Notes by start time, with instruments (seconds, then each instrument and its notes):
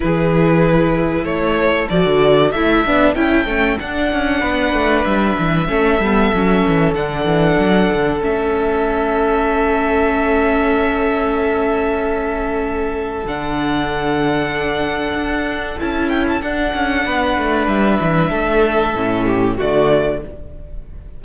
0.00 cello E3, viola E4, violin G#4 B4
1.23 cello A3, violin A4 C#5
1.89 cello F3, viola F#4, violin D5
2.05 cello D3
2.51 cello A3, viola E4, violin E5
2.86 cello B3, viola D4
3.14 cello C#4, viola E4, violin G5
3.45 cello A3, viola C#4
3.79 viola D4, cello D4, violin F#5
4.12 cello C#4
4.39 cello B3, violin B4
4.73 cello A3
5.04 cello G3, violin E5
5.38 cello E3
5.68 cello A3, viola C#4, violin A4
5.99 cello G3, viola B3
6.33 cello F#3, viola C#4
6.67 cello E3
6.93 cello D3, viola D4, violin F#5
7.24 cello E3
7.59 cello F#3
7.92 cello D3
8.19 cello A3, viola C#4, violin E5
13.24 cello D3, viola D4, violin F#5
15.13 cello D4
15.79 cello C#4, viola E4, violin A5
16.09 violin G5
16.28 violin A5
16.41 cello D4, viola D4, violin F#5
16.73 cello C#4
17.05 cello B3, violin B4
17.38 cello A3
17.67 cello G3, violin E5
18.00 cello E3
18.30 cello A3, violin A4
18.94 cello A2, viola C#4
19.25 violin G4
19.56 cello D3, viola A3, violin F#4 D5